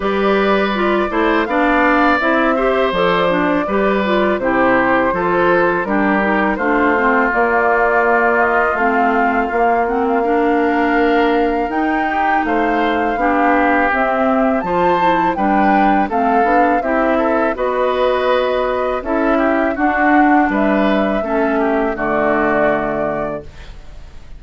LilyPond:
<<
  \new Staff \with { instrumentName = "flute" } { \time 4/4 \tempo 4 = 82 d''2 f''4 e''4 | d''2 c''2 | ais'4 c''4 d''4. dis''8 | f''4. fis''16 f''2~ f''16 |
g''4 f''2 e''4 | a''4 g''4 f''4 e''4 | dis''2 e''4 fis''4 | e''2 d''2 | }
  \new Staff \with { instrumentName = "oboe" } { \time 4/4 b'4. c''8 d''4. c''8~ | c''4 b'4 g'4 a'4 | g'4 f'2.~ | f'2 ais'2~ |
ais'8 g'8 c''4 g'2 | c''4 b'4 a'4 g'8 a'8 | b'2 a'8 g'8 fis'4 | b'4 a'8 g'8 fis'2 | }
  \new Staff \with { instrumentName = "clarinet" } { \time 4/4 g'4 f'8 e'8 d'4 e'8 g'8 | a'8 d'8 g'8 f'8 e'4 f'4 | d'8 dis'8 d'8 c'8 ais2 | c'4 ais8 c'8 d'2 |
dis'2 d'4 c'4 | f'8 e'8 d'4 c'8 d'8 e'4 | fis'2 e'4 d'4~ | d'4 cis'4 a2 | }
  \new Staff \with { instrumentName = "bassoon" } { \time 4/4 g4. a8 b4 c'4 | f4 g4 c4 f4 | g4 a4 ais2 | a4 ais2. |
dis'4 a4 b4 c'4 | f4 g4 a8 b8 c'4 | b2 cis'4 d'4 | g4 a4 d2 | }
>>